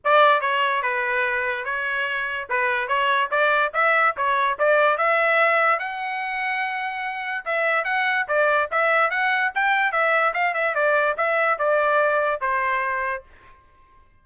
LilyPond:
\new Staff \with { instrumentName = "trumpet" } { \time 4/4 \tempo 4 = 145 d''4 cis''4 b'2 | cis''2 b'4 cis''4 | d''4 e''4 cis''4 d''4 | e''2 fis''2~ |
fis''2 e''4 fis''4 | d''4 e''4 fis''4 g''4 | e''4 f''8 e''8 d''4 e''4 | d''2 c''2 | }